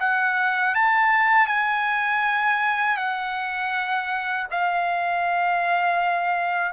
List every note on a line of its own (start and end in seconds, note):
0.00 0.75 F#5
0.75 1.47 A5
1.47 2.97 G#5
2.97 4.47 F#5
4.51 6.73 F5